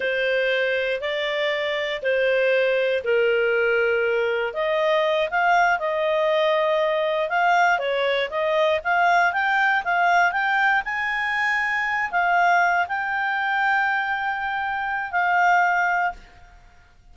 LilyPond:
\new Staff \with { instrumentName = "clarinet" } { \time 4/4 \tempo 4 = 119 c''2 d''2 | c''2 ais'2~ | ais'4 dis''4. f''4 dis''8~ | dis''2~ dis''8 f''4 cis''8~ |
cis''8 dis''4 f''4 g''4 f''8~ | f''8 g''4 gis''2~ gis''8 | f''4. g''2~ g''8~ | g''2 f''2 | }